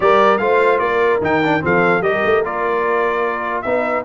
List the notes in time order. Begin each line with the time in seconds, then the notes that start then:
0.00 G3 G4 A#4 D5
0.38 A3 F4 C5 F5
0.79 A#3 A#4 D5
1.20 D#3 D#4 G5
1.43 D4
1.61 F3 C4 A4 F5
2.01 G3 G4 A#4 D#5
2.25 A3
2.43 A#3 F4 D5
3.61 B3 D#4 B4 E5